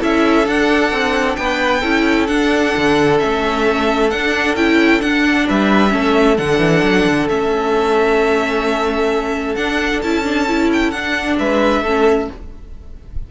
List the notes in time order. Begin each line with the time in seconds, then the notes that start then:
0.00 C#4 E4 A4 E5
0.45 D4 F#5
0.92 C4
1.36 B3 B4 G5
1.80 C#4 E4 A4
2.27 D4 F#5
2.77 D3
3.19 A3 C#4 E5
4.10 D4 F#5
4.55 C#4 E4 G5
5.00 D4 F#5
5.47 G3 B4 E5
5.89 A3 C#4 A4
6.37 D3 D4 F#5
6.59 E3
6.82 F#3
7.06 D3
7.28 A3 C#4 E5
9.55 D4 F#5
10.02 C#4 E4 A5
10.24 D4
10.48 E4
10.73 G5
10.91 D4 F#5
11.38 G#3 B4 E5
11.82 A3 C#4 A4